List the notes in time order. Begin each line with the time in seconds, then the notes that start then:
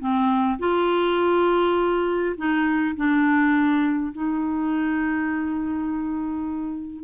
0.00 C4
0.59 F4
2.37 D#4
2.96 D4
4.13 D#4